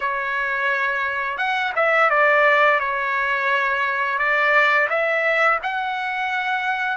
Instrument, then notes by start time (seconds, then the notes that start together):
trumpet
0.00 C#5
1.37 F#5
1.75 E5
2.09 D5
2.79 C#5
4.18 D5
4.89 E5
5.63 F#5